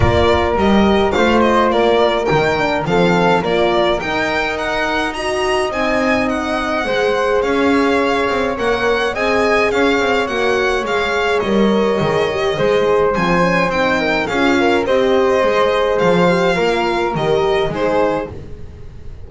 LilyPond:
<<
  \new Staff \with { instrumentName = "violin" } { \time 4/4 \tempo 4 = 105 d''4 dis''4 f''8 dis''8 d''4 | g''4 f''4 d''4 g''4 | fis''4 ais''4 gis''4 fis''4~ | fis''4 f''2 fis''4 |
gis''4 f''4 fis''4 f''4 | dis''2. gis''4 | g''4 f''4 dis''2 | f''2 dis''4 c''4 | }
  \new Staff \with { instrumentName = "flute" } { \time 4/4 ais'2 c''4 ais'4~ | ais'4 a'4 ais'2~ | ais'4 dis''2. | c''4 cis''2. |
dis''4 cis''2.~ | cis''2 c''2~ | c''8 ais'8 gis'8 ais'8 c''2~ | c''4 ais'2 gis'4 | }
  \new Staff \with { instrumentName = "horn" } { \time 4/4 f'4 g'4 f'2 | dis'8 d'8 c'4 f'4 dis'4~ | dis'4 fis'4 dis'2 | gis'2. ais'4 |
gis'2 fis'4 gis'4 | ais'4 gis'8 g'8 gis'4 c'8 cis'8 | dis'4 f'4 g'4 gis'4~ | gis'8 g'8 f'4 g'4 dis'4 | }
  \new Staff \with { instrumentName = "double bass" } { \time 4/4 ais4 g4 a4 ais4 | dis4 f4 ais4 dis'4~ | dis'2 c'2 | gis4 cis'4. c'8 ais4 |
c'4 cis'8 c'8 ais4 gis4 | g4 dis4 gis4 f4 | c'4 cis'4 c'4 gis4 | f4 ais4 dis4 gis4 | }
>>